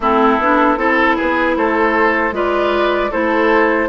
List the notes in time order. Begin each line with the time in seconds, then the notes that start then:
0.00 A3 C4 E4 A4
0.38 B3 D4
0.77 C4 E4 A4
1.16 B3 G#4 B4
1.56 A3 A4 C5
2.31 G#3 F4 B4 D5
3.11 A3 E4 A4 C5